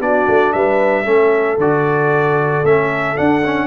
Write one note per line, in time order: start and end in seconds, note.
0.00 0.26 B3
0.00 1.05 D4
0.00 0.54 F#4
0.00 0.53 D5
0.28 0.54 A3
0.53 1.06 G3
0.53 1.05 B4
0.53 1.58 E5
1.05 1.58 A3
1.05 1.57 C#4
1.05 3.67 A4
1.58 2.63 D3
1.58 2.65 F#4
1.58 2.65 D5
2.63 3.16 A3
2.63 3.16 C#4
2.63 3.17 E5
3.16 3.42 D4
3.16 3.67 D4
3.16 3.67 F#5
3.45 3.67 C#4